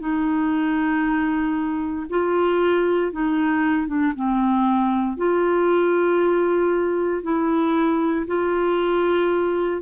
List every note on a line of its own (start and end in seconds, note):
0.00 2.07 D#4
2.10 3.12 F4
3.12 3.87 D#4
3.87 4.13 D4
4.16 5.17 C4
5.17 7.23 F4
7.23 8.26 E4
8.27 9.82 F4